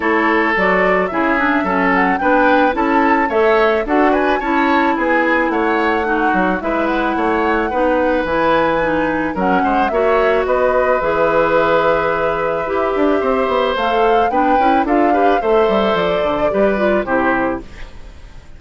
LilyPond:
<<
  \new Staff \with { instrumentName = "flute" } { \time 4/4 \tempo 4 = 109 cis''4 d''4 e''4. fis''8 | g''4 a''4 e''4 fis''8 gis''8 | a''4 gis''4 fis''2 | e''8 fis''2~ fis''8 gis''4~ |
gis''4 fis''4 e''4 dis''4 | e''1~ | e''4 f''4 g''4 f''4 | e''4 d''2 c''4 | }
  \new Staff \with { instrumentName = "oboe" } { \time 4/4 a'2 gis'4 a'4 | b'4 a'4 cis''4 a'8 b'8 | cis''4 gis'4 cis''4 fis'4 | b'4 cis''4 b'2~ |
b'4 ais'8 c''8 cis''4 b'4~ | b'1 | c''2 b'4 a'8 b'8 | c''2 b'4 g'4 | }
  \new Staff \with { instrumentName = "clarinet" } { \time 4/4 e'4 fis'4 e'8 d'8 cis'4 | d'4 e'4 a'4 fis'4 | e'2. dis'4 | e'2 dis'4 e'4 |
dis'4 cis'4 fis'2 | gis'2. g'4~ | g'4 a'4 d'8 e'8 f'8 g'8 | a'2 g'8 f'8 e'4 | }
  \new Staff \with { instrumentName = "bassoon" } { \time 4/4 a4 fis4 cis4 fis4 | b4 cis'4 a4 d'4 | cis'4 b4 a4. fis8 | gis4 a4 b4 e4~ |
e4 fis8 gis8 ais4 b4 | e2. e'8 d'8 | c'8 b8 a4 b8 cis'8 d'4 | a8 g8 f8 d8 g4 c4 | }
>>